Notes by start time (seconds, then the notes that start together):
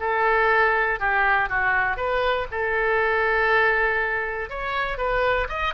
0.00 A4
1.00 G4
1.49 F#4
1.97 B4
2.52 A4
4.50 C#5
4.98 B4
5.49 D#5